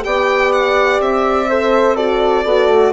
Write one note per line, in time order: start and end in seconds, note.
0.00 0.99 B3
0.00 1.45 G4
0.00 1.49 D5
0.00 0.52 G5
0.52 1.00 F#5
0.99 2.44 C4
0.99 1.96 E5
1.48 1.96 A4
1.48 1.95 C5
1.95 2.43 F#4
1.95 2.43 A4
1.95 2.92 D5
2.43 2.68 B3
2.43 2.92 F#4
2.43 2.92 A4
2.68 2.92 A3